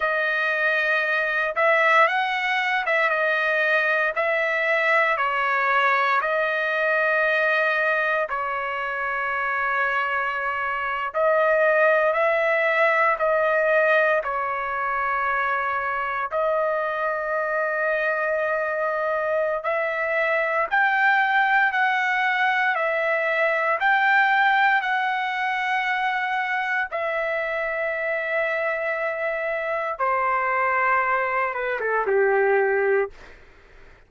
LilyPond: \new Staff \with { instrumentName = "trumpet" } { \time 4/4 \tempo 4 = 58 dis''4. e''8 fis''8. e''16 dis''4 | e''4 cis''4 dis''2 | cis''2~ cis''8. dis''4 e''16~ | e''8. dis''4 cis''2 dis''16~ |
dis''2. e''4 | g''4 fis''4 e''4 g''4 | fis''2 e''2~ | e''4 c''4. b'16 a'16 g'4 | }